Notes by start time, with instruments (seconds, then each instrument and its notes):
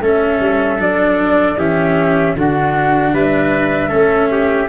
0.00 tuba A3, cello C#4, trumpet A4, flute E5
0.39 tuba G3
0.79 tuba F#3, cello D4, flute D5
1.56 tuba E3, cello C#4, trumpet G4, flute E5
2.35 tuba D3, cello D4, trumpet F#4, flute F#5
3.12 tuba G3, trumpet B4, flute E5
3.88 tuba A3, cello C#4, trumpet A4
4.31 trumpet G4